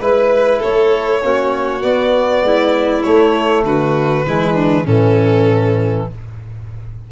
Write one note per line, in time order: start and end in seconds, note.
0.00 0.61 G#3
0.00 1.22 E4
0.00 0.58 B4
0.00 0.62 B4
0.58 1.23 A3
0.58 1.19 A4
0.58 1.82 C#5
1.22 1.83 A#3
1.22 1.81 C#4
1.22 2.45 F#4
1.81 3.02 B3
1.81 2.42 B3
1.81 3.02 D5
2.42 3.03 G#3
2.42 3.65 E4
3.02 4.25 A3
3.02 3.63 A3
3.02 3.63 C#5
3.63 4.24 D3
3.63 4.26 F#4
3.63 4.86 B4
4.25 4.86 E3
4.25 4.86 G#3
4.25 4.53 E4
4.53 4.83 D4
4.84 6.07 A2
4.84 6.11 E3
4.84 6.06 C#4
4.84 6.08 A4